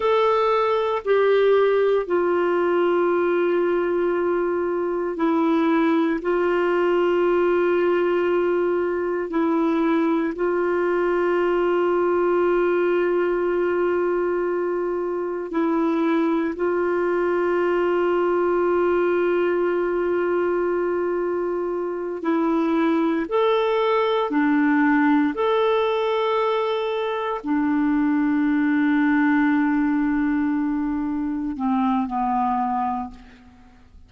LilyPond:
\new Staff \with { instrumentName = "clarinet" } { \time 4/4 \tempo 4 = 58 a'4 g'4 f'2~ | f'4 e'4 f'2~ | f'4 e'4 f'2~ | f'2. e'4 |
f'1~ | f'4. e'4 a'4 d'8~ | d'8 a'2 d'4.~ | d'2~ d'8 c'8 b4 | }